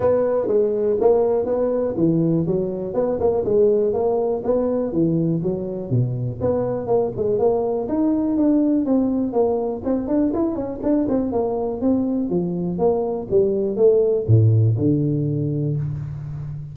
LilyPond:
\new Staff \with { instrumentName = "tuba" } { \time 4/4 \tempo 4 = 122 b4 gis4 ais4 b4 | e4 fis4 b8 ais8 gis4 | ais4 b4 e4 fis4 | b,4 b4 ais8 gis8 ais4 |
dis'4 d'4 c'4 ais4 | c'8 d'8 e'8 cis'8 d'8 c'8 ais4 | c'4 f4 ais4 g4 | a4 a,4 d2 | }